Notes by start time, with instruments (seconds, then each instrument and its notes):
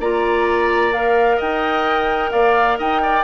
0.00 bassoon A#3, clarinet F4, oboe D5, flute A#5
0.92 clarinet A#4, flute F5
1.37 bassoon D#4, oboe D#5, flute G5
2.31 bassoon A#3, oboe D5, flute F5
2.79 bassoon D#4, oboe D#5, flute G5
3.03 oboe D5